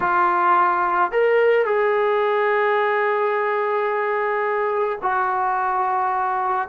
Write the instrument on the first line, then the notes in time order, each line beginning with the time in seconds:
trombone
0.00 F4
1.11 A#4
1.65 G#4
5.02 F#4